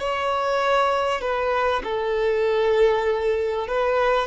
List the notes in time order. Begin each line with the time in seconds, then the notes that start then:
0.00 C#5
1.22 B4
1.84 A4
3.68 B4